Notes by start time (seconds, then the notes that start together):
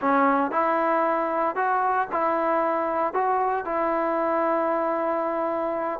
0.01 C#4
0.51 E4
1.55 F#4
2.12 E4
3.13 F#4
3.65 E4